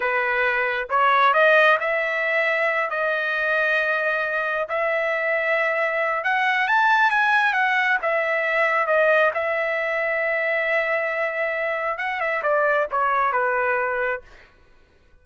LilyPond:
\new Staff \with { instrumentName = "trumpet" } { \time 4/4 \tempo 4 = 135 b'2 cis''4 dis''4 | e''2~ e''8 dis''4.~ | dis''2~ dis''8 e''4.~ | e''2 fis''4 a''4 |
gis''4 fis''4 e''2 | dis''4 e''2.~ | e''2. fis''8 e''8 | d''4 cis''4 b'2 | }